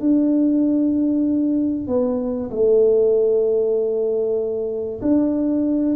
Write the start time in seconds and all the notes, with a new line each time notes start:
0.00 D4
1.87 B3
2.50 A3
5.01 D4